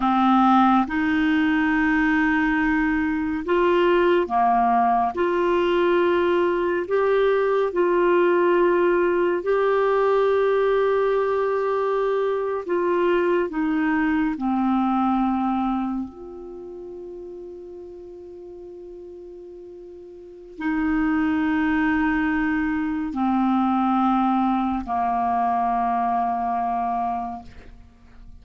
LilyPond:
\new Staff \with { instrumentName = "clarinet" } { \time 4/4 \tempo 4 = 70 c'4 dis'2. | f'4 ais4 f'2 | g'4 f'2 g'4~ | g'2~ g'8. f'4 dis'16~ |
dis'8. c'2 f'4~ f'16~ | f'1 | dis'2. c'4~ | c'4 ais2. | }